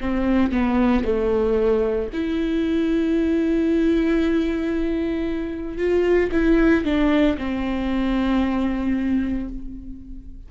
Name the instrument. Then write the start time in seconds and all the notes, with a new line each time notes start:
viola
0.00 C4
0.51 B3
1.04 A3
2.13 E4
5.77 F4
6.32 E4
6.84 D4
7.37 C4